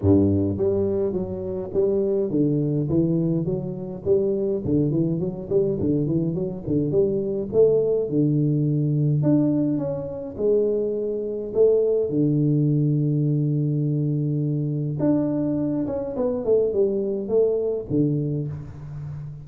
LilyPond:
\new Staff \with { instrumentName = "tuba" } { \time 4/4 \tempo 4 = 104 g,4 g4 fis4 g4 | d4 e4 fis4 g4 | d8 e8 fis8 g8 d8 e8 fis8 d8 | g4 a4 d2 |
d'4 cis'4 gis2 | a4 d2.~ | d2 d'4. cis'8 | b8 a8 g4 a4 d4 | }